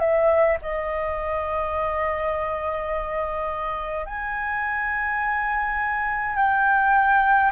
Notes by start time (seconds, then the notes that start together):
0.00 E5
0.62 D#5
4.06 G#5
6.36 G5